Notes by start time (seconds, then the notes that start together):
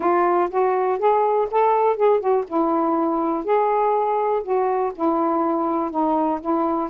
0.00 F4
0.50 F#4
0.98 G#4
1.50 A4
1.96 G#4
2.20 F#4
2.47 E4
3.44 G#4
4.43 F#4
4.95 E4
5.90 D#4
6.41 E4